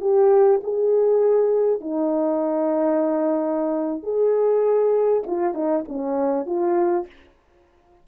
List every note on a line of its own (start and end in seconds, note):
0.00 0.60 G4
0.63 1.80 G#4
1.80 4.03 D#4
4.03 5.23 G#4
5.26 5.54 F4
5.54 5.84 D#4
5.88 6.46 C#4
6.46 7.06 F4